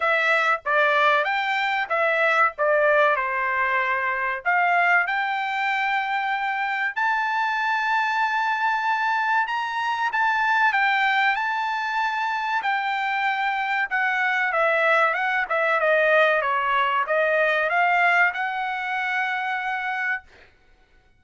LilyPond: \new Staff \with { instrumentName = "trumpet" } { \time 4/4 \tempo 4 = 95 e''4 d''4 g''4 e''4 | d''4 c''2 f''4 | g''2. a''4~ | a''2. ais''4 |
a''4 g''4 a''2 | g''2 fis''4 e''4 | fis''8 e''8 dis''4 cis''4 dis''4 | f''4 fis''2. | }